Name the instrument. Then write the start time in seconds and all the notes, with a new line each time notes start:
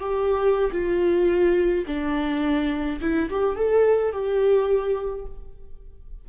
viola
0.00 G4
0.72 F4
1.87 D4
3.01 E4
3.30 G4
3.56 A4
4.12 G4